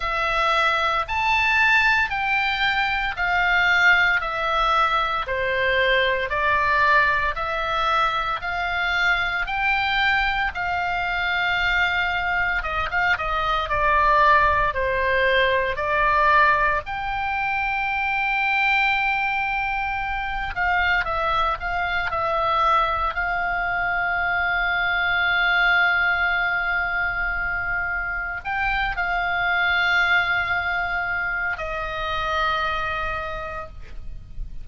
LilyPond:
\new Staff \with { instrumentName = "oboe" } { \time 4/4 \tempo 4 = 57 e''4 a''4 g''4 f''4 | e''4 c''4 d''4 e''4 | f''4 g''4 f''2 | dis''16 f''16 dis''8 d''4 c''4 d''4 |
g''2.~ g''8 f''8 | e''8 f''8 e''4 f''2~ | f''2. g''8 f''8~ | f''2 dis''2 | }